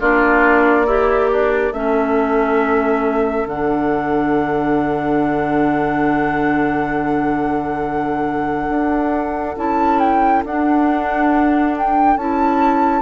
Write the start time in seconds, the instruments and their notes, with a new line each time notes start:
0.00 bassoon A#3, clarinet D4, oboe F4, flute D5
0.86 oboe E4, clarinet G4
1.32 oboe D4
1.72 bassoon A3, clarinet C#4, oboe A4, flute E5
3.45 bassoon D3, clarinet D4, flute F#5
8.69 bassoon D4
9.57 bassoon C#4, clarinet E4, flute A5
9.99 flute G5
10.44 bassoon D4, clarinet D4, flute F#5
11.77 flute G5
12.16 bassoon C#4, clarinet E4, flute A5